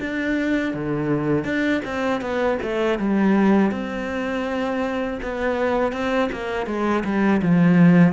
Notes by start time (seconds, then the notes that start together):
0.00 D4
0.74 D3
1.44 D4
1.85 C4
2.21 B3
2.62 A3
2.99 G3
3.71 C4
5.22 B3
5.92 C4
6.32 A#3
6.66 G#3
7.04 G3
7.42 F3